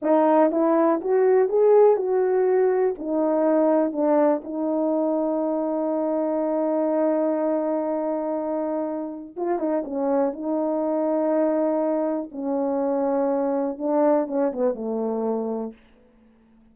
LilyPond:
\new Staff \with { instrumentName = "horn" } { \time 4/4 \tempo 4 = 122 dis'4 e'4 fis'4 gis'4 | fis'2 dis'2 | d'4 dis'2.~ | dis'1~ |
dis'2. f'8 dis'8 | cis'4 dis'2.~ | dis'4 cis'2. | d'4 cis'8 b8 a2 | }